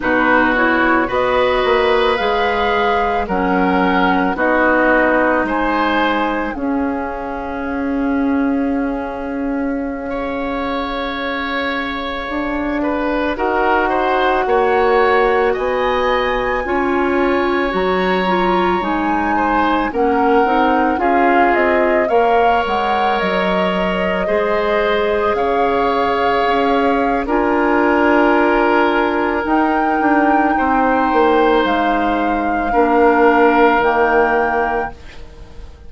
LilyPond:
<<
  \new Staff \with { instrumentName = "flute" } { \time 4/4 \tempo 4 = 55 b'8 cis''8 dis''4 f''4 fis''4 | dis''4 gis''4 f''2~ | f''1~ | f''16 fis''2 gis''4.~ gis''16~ |
gis''16 ais''4 gis''4 fis''4 f''8 dis''16~ | dis''16 f''8 fis''8 dis''2 f''8.~ | f''4 gis''2 g''4~ | g''4 f''2 g''4 | }
  \new Staff \with { instrumentName = "oboe" } { \time 4/4 fis'4 b'2 ais'4 | fis'4 c''4 gis'2~ | gis'4~ gis'16 cis''2~ cis''8 b'16~ | b'16 ais'8 c''8 cis''4 dis''4 cis''8.~ |
cis''4.~ cis''16 c''8 ais'4 gis'8.~ | gis'16 cis''2 c''4 cis''8.~ | cis''4 ais'2. | c''2 ais'2 | }
  \new Staff \with { instrumentName = "clarinet" } { \time 4/4 dis'8 e'8 fis'4 gis'4 cis'4 | dis'2 cis'2~ | cis'4~ cis'16 gis'2~ gis'8.~ | gis'16 fis'2. f'8.~ |
f'16 fis'8 f'8 dis'4 cis'8 dis'8 f'8.~ | f'16 ais'2 gis'4.~ gis'16~ | gis'4 f'2 dis'4~ | dis'2 d'4 ais4 | }
  \new Staff \with { instrumentName = "bassoon" } { \time 4/4 b,4 b8 ais8 gis4 fis4 | b4 gis4 cis'2~ | cis'2.~ cis'16 d'8.~ | d'16 dis'4 ais4 b4 cis'8.~ |
cis'16 fis4 gis4 ais8 c'8 cis'8 c'16~ | c'16 ais8 gis8 fis4 gis4 cis8.~ | cis16 cis'8. d'2 dis'8 d'8 | c'8 ais8 gis4 ais4 dis4 | }
>>